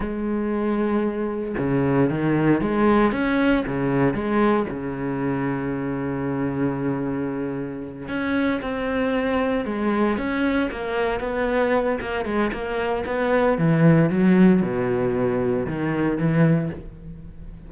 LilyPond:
\new Staff \with { instrumentName = "cello" } { \time 4/4 \tempo 4 = 115 gis2. cis4 | dis4 gis4 cis'4 cis4 | gis4 cis2.~ | cis2.~ cis8 cis'8~ |
cis'8 c'2 gis4 cis'8~ | cis'8 ais4 b4. ais8 gis8 | ais4 b4 e4 fis4 | b,2 dis4 e4 | }